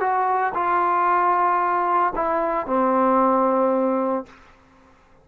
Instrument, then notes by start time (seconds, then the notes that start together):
trombone
0.00 F#4
0.54 F4
2.16 E4
2.66 C4